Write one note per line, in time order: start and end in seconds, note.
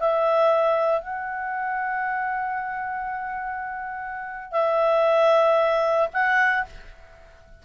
0.00 1.02 E5
1.02 4.52 F#5
4.52 6.09 E5
6.14 6.66 F#5